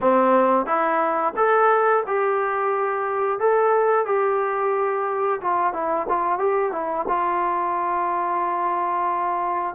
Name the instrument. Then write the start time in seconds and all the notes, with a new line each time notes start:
trombone
0.00 C4
0.66 E4
1.36 A4
2.06 G4
3.39 A4
4.05 G4
5.41 F4
5.73 E4
6.08 F4
6.38 G4
6.71 E4
7.08 F4